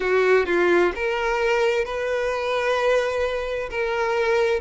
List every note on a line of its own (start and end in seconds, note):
0.00 0.46 F#4
0.46 0.92 F4
0.95 1.85 A#4
1.85 3.69 B4
3.70 4.60 A#4